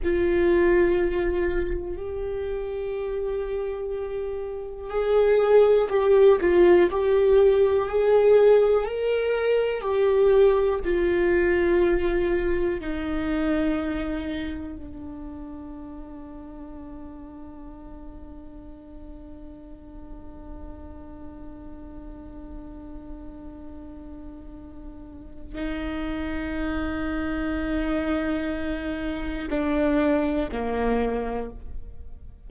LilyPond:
\new Staff \with { instrumentName = "viola" } { \time 4/4 \tempo 4 = 61 f'2 g'2~ | g'4 gis'4 g'8 f'8 g'4 | gis'4 ais'4 g'4 f'4~ | f'4 dis'2 d'4~ |
d'1~ | d'1~ | d'2 dis'2~ | dis'2 d'4 ais4 | }